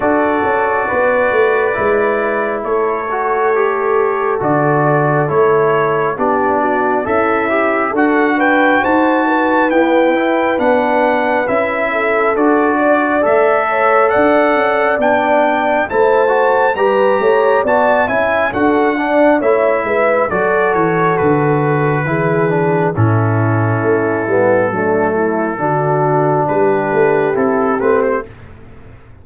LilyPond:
<<
  \new Staff \with { instrumentName = "trumpet" } { \time 4/4 \tempo 4 = 68 d''2. cis''4~ | cis''4 d''4 cis''4 d''4 | e''4 fis''8 g''8 a''4 g''4 | fis''4 e''4 d''4 e''4 |
fis''4 g''4 a''4 ais''4 | a''8 gis''8 fis''4 e''4 d''8 cis''8 | b'2 a'2~ | a'2 b'4 a'8 b'16 c''16 | }
  \new Staff \with { instrumentName = "horn" } { \time 4/4 a'4 b'2 a'4~ | a'2. g'8 fis'8 | e'4 a'8 b'8 c''8 b'4.~ | b'4. a'4 d''4 cis''8 |
d''2 c''4 b'8 cis''8 | d''8 e''8 a'8 d''8 cis''8 b'8 a'4~ | a'4 gis'4 e'2 | d'8 e'8 fis'4 g'2 | }
  \new Staff \with { instrumentName = "trombone" } { \time 4/4 fis'2 e'4. fis'8 | g'4 fis'4 e'4 d'4 | a'8 g'8 fis'2 b8 e'8 | d'4 e'4 fis'4 a'4~ |
a'4 d'4 e'8 fis'8 g'4 | fis'8 e'8 fis'8 d'8 e'4 fis'4~ | fis'4 e'8 d'8 cis'4. b8 | a4 d'2 e'8 c'8 | }
  \new Staff \with { instrumentName = "tuba" } { \time 4/4 d'8 cis'8 b8 a8 gis4 a4~ | a4 d4 a4 b4 | cis'4 d'4 dis'4 e'4 | b4 cis'4 d'4 a4 |
d'8 cis'8 b4 a4 g8 a8 | b8 cis'8 d'4 a8 gis8 fis8 e8 | d4 e4 a,4 a8 g8 | fis4 d4 g8 a8 c'8 a8 | }
>>